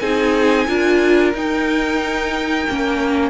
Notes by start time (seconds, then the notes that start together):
0.00 C4 D#4 G#4 G#5
0.67 D4 F4 A#4
1.34 D#4 G5
2.70 A#3 C#4